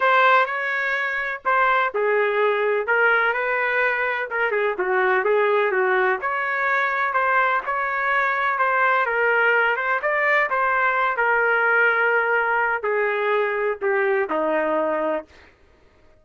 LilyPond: \new Staff \with { instrumentName = "trumpet" } { \time 4/4 \tempo 4 = 126 c''4 cis''2 c''4 | gis'2 ais'4 b'4~ | b'4 ais'8 gis'8 fis'4 gis'4 | fis'4 cis''2 c''4 |
cis''2 c''4 ais'4~ | ais'8 c''8 d''4 c''4. ais'8~ | ais'2. gis'4~ | gis'4 g'4 dis'2 | }